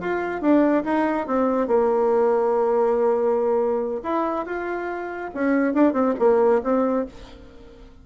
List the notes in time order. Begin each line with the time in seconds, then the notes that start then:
0.00 F4
0.41 D4
0.84 D#4
1.27 C4
1.67 A#3
4.03 E4
4.45 F4
5.34 C#4
5.74 D4
5.93 C4
6.19 A#3
6.63 C4